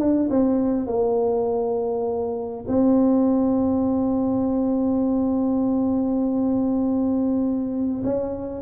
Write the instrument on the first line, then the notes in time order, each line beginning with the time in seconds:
tuba
0.00 D4
0.31 C4
0.87 A#3
2.68 C4
8.04 C#4